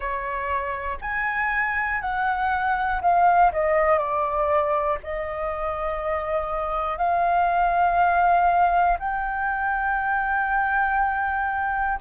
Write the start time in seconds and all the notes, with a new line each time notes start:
0.00 C#5
1.00 G#5
2.01 F#5
3.01 F5
3.52 D#5
3.98 D5
5.03 D#5
6.97 F5
8.99 G5